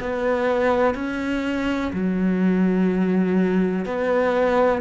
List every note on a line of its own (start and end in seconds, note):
0.00 0.95 B3
0.95 1.91 C#4
1.93 3.85 F#3
3.85 4.81 B3